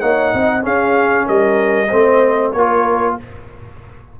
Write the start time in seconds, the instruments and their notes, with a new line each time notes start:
0.00 tuba A#3, trombone D#4, horn C#5, trumpet F#5
0.34 tuba C4, horn D#5
0.62 trombone C#4, tuba C#4, horn G#4, trumpet F5
1.26 tuba G3, horn A#4, trumpet D#5
1.88 tuba A3, trombone C4, horn C5
2.52 tuba A#3, trombone F4, horn A#4, trumpet C#5